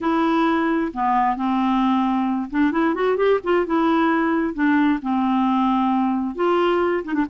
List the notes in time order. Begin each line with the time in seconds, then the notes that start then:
0.01 E4
0.93 B3
1.36 C4
2.50 D4
2.71 E4
2.94 F#4
3.16 G4
3.43 F4
3.66 E4
4.54 D4
5.01 C4
6.35 F4
7.04 D#4
7.14 D4